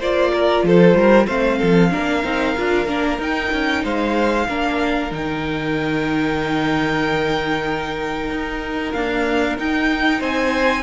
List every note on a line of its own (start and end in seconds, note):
0.00 0.64 A#3
0.00 1.28 F4
0.00 0.32 C5
0.00 0.66 D5
0.34 0.65 A#4
0.64 0.95 F3
0.64 0.98 A4
0.64 1.27 C5
0.95 1.26 G3
0.95 1.27 A#4
1.27 1.61 A3
1.27 1.92 C4
1.27 1.59 C5
1.27 3.18 F5
1.59 1.94 F3
1.59 1.90 A4
1.92 2.24 A#3
1.92 2.24 D4
1.92 3.84 A#4
2.24 2.56 C4
2.24 2.56 D#4
2.58 2.87 D4
2.58 2.88 F4
2.87 3.19 A#3
2.87 3.20 D4
3.19 3.51 D#4
3.19 4.48 D#4
3.19 3.86 G5
3.53 3.84 C#4
3.84 4.48 G#3
3.84 4.48 C5
3.84 5.13 F5
4.48 5.12 A#3
4.48 5.11 D4
4.48 10.19 A#4
5.11 8.31 D#3
5.11 8.94 D#4
5.11 8.93 G5
8.31 8.94 D#4
8.93 9.57 A#3
8.93 9.59 D4
8.93 9.56 F5
9.57 10.84 D#4
9.57 10.21 D#4
9.57 10.23 G5
10.19 10.84 C4
10.19 10.83 C5
10.19 10.84 G#5